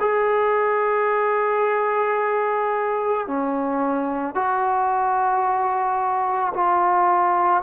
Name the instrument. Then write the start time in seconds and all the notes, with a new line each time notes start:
trombone
0.00 G#4
3.27 C#4
4.35 F#4
6.54 F4